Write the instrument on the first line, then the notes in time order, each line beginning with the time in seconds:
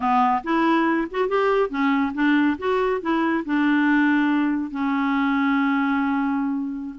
clarinet
0.00 B3
0.43 E4
1.10 F#4
1.28 G4
1.69 C#4
2.14 D4
2.58 F#4
3.01 E4
3.45 D4
4.70 C#4